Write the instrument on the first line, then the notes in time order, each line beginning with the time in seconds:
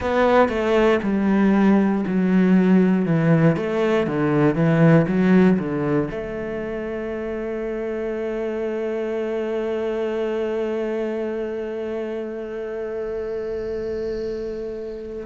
cello
0.00 B3
0.48 A3
1.02 G3
2.07 F#3
3.05 E3
3.56 A3
4.06 D3
4.55 E3
5.07 F#3
5.58 D3
6.11 A3